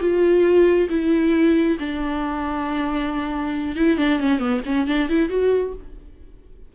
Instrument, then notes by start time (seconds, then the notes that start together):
viola
0.00 F4
0.89 E4
1.79 D4
3.76 E4
3.97 D4
4.20 C#4
4.39 B3
4.65 C#4
4.87 D4
5.09 E4
5.29 F#4